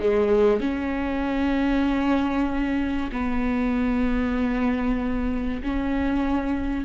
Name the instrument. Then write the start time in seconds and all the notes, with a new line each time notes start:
viola
0.00 G#3
0.60 C#4
3.12 B3
5.62 C#4